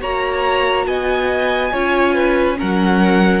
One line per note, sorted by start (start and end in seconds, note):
0.00 0.86 A#3
0.00 1.71 F#4
0.00 0.86 C#5
0.00 0.86 A#5
0.86 1.72 B3
0.86 1.72 D#5
0.86 2.57 G#5
1.72 2.59 C#4
1.72 2.56 F4
1.72 2.14 C#5
2.14 2.56 B4
2.56 3.40 F#3
2.56 3.40 C#4
2.56 3.40 A#4
2.56 3.40 F#5